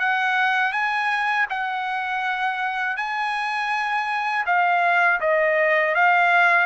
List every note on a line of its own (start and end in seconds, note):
0.00 0.73 F#5
0.73 1.47 G#5
1.50 2.97 F#5
2.97 4.45 G#5
4.46 5.20 F5
5.21 5.95 D#5
5.95 6.67 F5